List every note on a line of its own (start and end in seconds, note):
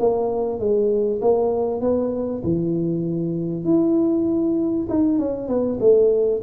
0.00 0.60 A#3
0.60 1.21 G#3
1.22 1.81 A#3
1.81 2.43 B3
2.44 3.65 E3
3.65 4.87 E4
4.90 5.19 D#4
5.19 5.49 C#4
5.49 5.79 B3
5.81 6.42 A3